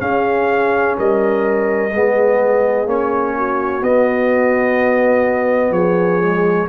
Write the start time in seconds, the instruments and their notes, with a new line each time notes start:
0.00 trombone C#4, tuba C#4, horn G#4, trumpet F5
0.97 tuba G3, horn A#4, trumpet D#5
1.93 tuba G#3, trombone B3, horn G#4
2.86 tuba A#3, trombone C#4, trumpet C#5
3.37 horn F#4
3.82 tuba B3, trombone B3, trumpet D#5
5.71 tuba F3, horn G#4, trumpet C#5
6.22 trombone G#3